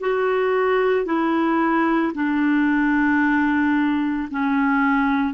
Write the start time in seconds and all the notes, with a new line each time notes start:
0.00 F#4
1.05 E4
2.14 D4
4.30 C#4